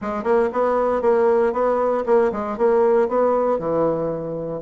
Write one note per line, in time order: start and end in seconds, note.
0.01 0.23 G#3
0.23 0.49 A#3
0.52 1.01 B3
1.01 1.52 A#3
1.52 2.04 B3
2.06 2.31 A#3
2.31 2.57 G#3
2.57 3.08 A#3
3.08 3.59 B3
3.59 4.61 E3